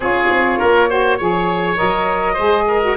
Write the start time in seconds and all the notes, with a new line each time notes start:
0.00 C#4 F4 G#4 C#5
0.30 C4
0.59 A#3 A#4
0.88 F#4 C5
1.18 F3 G#4 C#5
1.76 F#3 A#4 D#5
2.33 G#3 G#4 C5
2.67 A#4
2.81 F#4